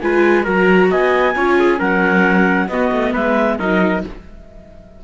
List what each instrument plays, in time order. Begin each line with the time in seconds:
0.00 cello G#3, viola F4, trumpet B4, clarinet G#5
0.44 cello F#3, viola F#4, trumpet A#4, clarinet A#5
0.90 cello B3, trumpet D#5, clarinet G#5
1.35 cello C#4, viola F4, trumpet C#5
1.59 trumpet G#4
1.78 cello F#3, viola C#4, trumpet A#4, clarinet F#5
2.68 cello B3, viola B3, trumpet F#4, clarinet D#5
2.92 cello A3
3.12 cello G#3, trumpet B4, clarinet E5
3.58 cello F#3, viola D#4, trumpet A#4, clarinet D#5